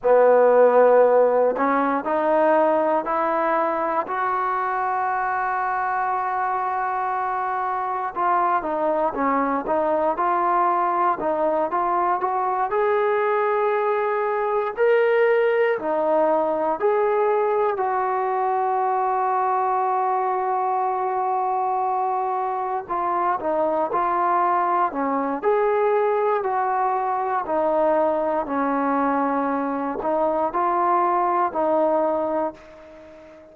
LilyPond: \new Staff \with { instrumentName = "trombone" } { \time 4/4 \tempo 4 = 59 b4. cis'8 dis'4 e'4 | fis'1 | f'8 dis'8 cis'8 dis'8 f'4 dis'8 f'8 | fis'8 gis'2 ais'4 dis'8~ |
dis'8 gis'4 fis'2~ fis'8~ | fis'2~ fis'8 f'8 dis'8 f'8~ | f'8 cis'8 gis'4 fis'4 dis'4 | cis'4. dis'8 f'4 dis'4 | }